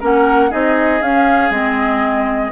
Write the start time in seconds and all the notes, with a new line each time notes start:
0.00 A#3 C#4 A#4 F#5
0.50 C4 D#4 G#4 D#5
1.01 C#4 F5
1.50 G#3 C4 D#5